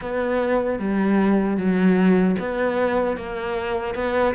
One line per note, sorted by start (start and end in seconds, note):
0.01 0.79 B3
0.79 1.57 G3
1.57 2.36 F#3
2.39 3.17 B3
3.17 3.94 A#3
3.94 4.34 B3